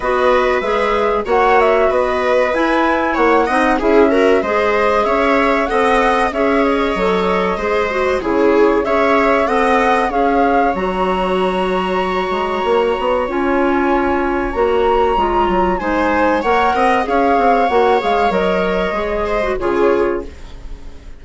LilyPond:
<<
  \new Staff \with { instrumentName = "flute" } { \time 4/4 \tempo 4 = 95 dis''4 e''4 fis''8 e''8 dis''4 | gis''4 fis''4 e''4 dis''4 | e''4 fis''4 e''8 dis''4.~ | dis''4 cis''4 e''4 fis''4 |
f''4 ais''2.~ | ais''4 gis''2 ais''4~ | ais''4 gis''4 fis''4 f''4 | fis''8 f''8 dis''2 cis''4 | }
  \new Staff \with { instrumentName = "viola" } { \time 4/4 b'2 cis''4 b'4~ | b'4 cis''8 dis''8 gis'8 ais'8 c''4 | cis''4 dis''4 cis''2 | c''4 gis'4 cis''4 dis''4 |
cis''1~ | cis''1~ | cis''4 c''4 cis''8 dis''8 cis''4~ | cis''2~ cis''8 c''8 gis'4 | }
  \new Staff \with { instrumentName = "clarinet" } { \time 4/4 fis'4 gis'4 fis'2 | e'4. dis'8 e'8 fis'8 gis'4~ | gis'4 a'4 gis'4 a'4 | gis'8 fis'8 e'4 gis'4 a'4 |
gis'4 fis'2.~ | fis'4 f'2 fis'4 | f'4 dis'4 ais'4 gis'4 | fis'8 gis'8 ais'4 gis'8. fis'16 f'4 | }
  \new Staff \with { instrumentName = "bassoon" } { \time 4/4 b4 gis4 ais4 b4 | e'4 ais8 c'8 cis'4 gis4 | cis'4 c'4 cis'4 fis4 | gis4 cis4 cis'4 c'4 |
cis'4 fis2~ fis8 gis8 | ais8 b8 cis'2 ais4 | gis8 fis8 gis4 ais8 c'8 cis'8 c'8 | ais8 gis8 fis4 gis4 cis4 | }
>>